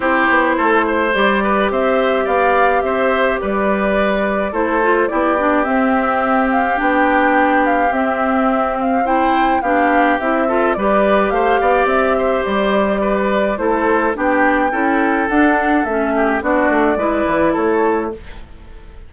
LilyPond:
<<
  \new Staff \with { instrumentName = "flute" } { \time 4/4 \tempo 4 = 106 c''2 d''4 e''4 | f''4 e''4 d''2 | c''4 d''4 e''4. f''8 | g''4. f''8 e''4. f''8 |
g''4 f''4 e''4 d''4 | f''4 e''4 d''2 | c''4 g''2 fis''4 | e''4 d''2 cis''4 | }
  \new Staff \with { instrumentName = "oboe" } { \time 4/4 g'4 a'8 c''4 b'8 c''4 | d''4 c''4 b'2 | a'4 g'2.~ | g'1 |
c''4 g'4. a'8 b'4 | c''8 d''4 c''4. b'4 | a'4 g'4 a'2~ | a'8 g'8 fis'4 b'4 a'4 | }
  \new Staff \with { instrumentName = "clarinet" } { \time 4/4 e'2 g'2~ | g'1 | e'8 f'8 e'8 d'8 c'2 | d'2 c'2 |
e'4 d'4 e'8 f'8 g'4~ | g'1 | e'4 d'4 e'4 d'4 | cis'4 d'4 e'2 | }
  \new Staff \with { instrumentName = "bassoon" } { \time 4/4 c'8 b8 a4 g4 c'4 | b4 c'4 g2 | a4 b4 c'2 | b2 c'2~ |
c'4 b4 c'4 g4 | a8 b8 c'4 g2 | a4 b4 cis'4 d'4 | a4 b8 a8 gis8 e8 a4 | }
>>